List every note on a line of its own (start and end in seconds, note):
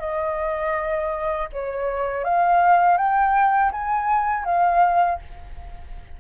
0.00 1.48 D#5
1.53 2.24 C#5
2.24 2.98 F5
2.98 3.72 G5
3.72 4.45 G#5
4.45 5.19 F5